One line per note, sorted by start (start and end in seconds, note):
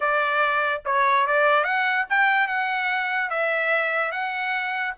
0.00 0.82 D5
0.85 1.26 C#5
1.27 1.64 D5
1.64 2.05 F#5
2.09 2.47 G5
2.47 3.30 F#5
3.30 4.11 E5
4.11 4.94 F#5